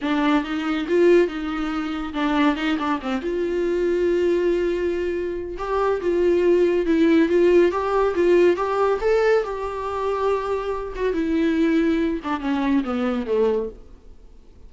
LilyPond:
\new Staff \with { instrumentName = "viola" } { \time 4/4 \tempo 4 = 140 d'4 dis'4 f'4 dis'4~ | dis'4 d'4 dis'8 d'8 c'8 f'8~ | f'1~ | f'4 g'4 f'2 |
e'4 f'4 g'4 f'4 | g'4 a'4 g'2~ | g'4. fis'8 e'2~ | e'8 d'8 cis'4 b4 a4 | }